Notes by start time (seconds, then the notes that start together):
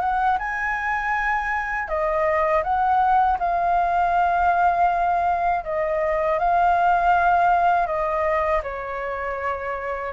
0.00 F#5
0.39 G#5
1.88 D#5
2.63 F#5
3.39 F5
5.64 D#5
6.39 F5
7.86 D#5
8.63 C#5